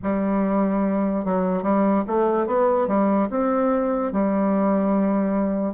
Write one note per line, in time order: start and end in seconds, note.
0.02 1.24 G3
1.24 1.63 F#3
1.63 2.04 G3
2.07 2.46 A3
2.46 2.87 B3
2.87 3.28 G3
3.30 4.12 C4
4.12 5.73 G3